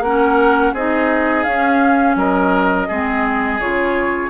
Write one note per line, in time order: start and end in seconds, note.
0.00 0.71 A#3
0.00 0.76 C#4
0.00 0.73 A#4
0.00 0.74 F#5
0.73 1.45 C4
0.73 1.47 D#4
0.73 2.16 G#4
0.73 1.44 D#5
1.44 2.15 C#4
1.44 2.90 C#4
1.44 2.15 F5
2.15 2.87 F#3
2.15 2.88 A#4
2.15 3.61 D#5
2.88 3.60 G#3
2.88 3.61 C4
2.88 4.30 G#4
3.60 4.30 C#3
3.60 4.30 F4
3.60 4.30 C#5